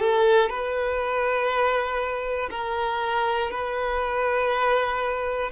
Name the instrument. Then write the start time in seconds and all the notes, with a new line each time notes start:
violin
0.00 A4
0.50 B4
2.50 A#4
3.50 B4